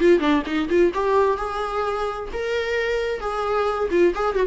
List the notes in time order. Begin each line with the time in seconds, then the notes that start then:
0.00 F4
0.20 D4
0.46 D#4
0.69 F4
0.94 G4
1.37 G#4
2.33 A#4
3.20 G#4
3.91 F4
4.15 G#4
4.36 F#4